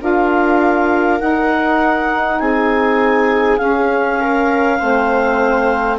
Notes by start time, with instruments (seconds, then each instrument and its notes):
0.00 bassoon D4, saxophone F4, viola A#4, clarinet F5
1.18 saxophone D#4, bassoon D#4, clarinet F#5
2.39 bassoon C4, viola G#4, clarinet G#5
3.58 saxophone C#4, bassoon C#4, clarinet F5
4.20 viola A#4
4.79 bassoon A3, saxophone C4, viola C5